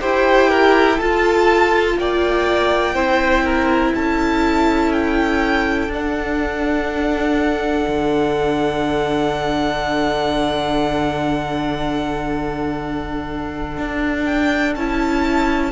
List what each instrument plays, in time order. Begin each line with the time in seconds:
0.00 cello E4, viola G4, violin C5 G5
0.49 violin A#4
0.96 viola F4, cello F4, violin A4 A5
1.97 cello A#3, violin D5 G5
2.94 cello C4, viola E4, violin C5
3.44 violin A#4
3.94 cello C#4, violin A4 A5
4.92 violin G5
5.87 cello D4, viola D4, violin F#5
7.87 cello D3
13.77 cello D4
14.24 violin G5
14.75 cello C#4, viola E4, violin A5